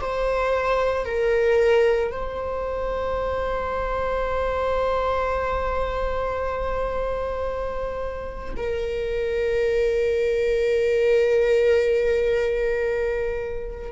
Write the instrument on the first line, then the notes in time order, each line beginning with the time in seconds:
viola
0.00 C5
1.05 A#4
2.11 C5
8.56 A#4